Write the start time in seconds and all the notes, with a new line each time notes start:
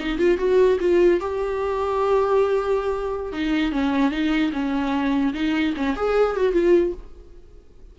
0.00 D#4
0.18 F4
0.38 F#4
0.80 F4
1.21 G4
3.33 D#4
3.72 C#4
4.11 D#4
4.53 C#4
5.34 D#4
5.77 C#4
5.96 G#4
6.36 F#4
6.53 F4